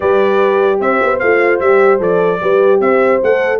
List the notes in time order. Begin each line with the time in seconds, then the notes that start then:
0.00 G3 G4 B4 D5
0.80 C4 C5 E5
1.02 B3
1.19 A3 F4 F5
1.60 G3 G4 E5
1.99 F3 A4 D5
2.41 G3 G4 B4
2.80 C4 C5 E5
3.22 A3 A4 F#5